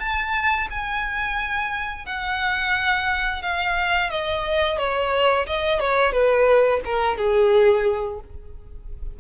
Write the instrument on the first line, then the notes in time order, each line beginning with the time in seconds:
violin
0.00 A5
0.71 G#5
2.06 F#5
3.42 F5
4.11 D#5
4.79 C#5
5.47 D#5
5.80 C#5
6.13 B4
6.86 A#4
7.18 G#4